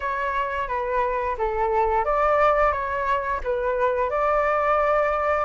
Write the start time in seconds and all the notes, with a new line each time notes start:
0.00 C#5
0.68 B4
1.38 A4
2.04 D5
2.72 C#5
3.43 B4
4.09 D5